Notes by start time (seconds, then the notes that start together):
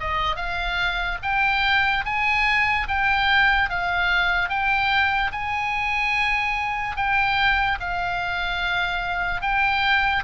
0.00 D#5
0.36 F5
1.23 G5
2.05 G#5
2.88 G5
3.69 F5
4.49 G5
5.32 G#5
6.96 G5
7.80 F5
9.41 G5